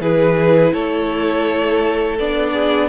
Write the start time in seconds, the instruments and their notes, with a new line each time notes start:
0.00 cello E3, viola E4, violin G#4 B4
0.73 cello A3, violin A4 C#5
2.18 cello B3, viola D4, violin D5
2.52 violin G#4